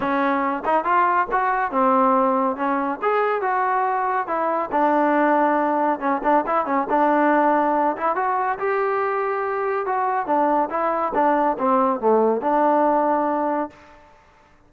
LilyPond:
\new Staff \with { instrumentName = "trombone" } { \time 4/4 \tempo 4 = 140 cis'4. dis'8 f'4 fis'4 | c'2 cis'4 gis'4 | fis'2 e'4 d'4~ | d'2 cis'8 d'8 e'8 cis'8 |
d'2~ d'8 e'8 fis'4 | g'2. fis'4 | d'4 e'4 d'4 c'4 | a4 d'2. | }